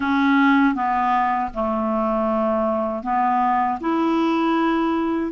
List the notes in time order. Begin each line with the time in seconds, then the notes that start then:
0.00 C#4
0.74 B3
1.54 A3
3.03 B3
3.80 E4